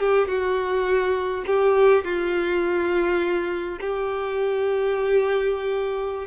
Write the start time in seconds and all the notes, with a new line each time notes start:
0.00 G4
0.28 F#4
1.47 G4
2.05 F4
3.81 G4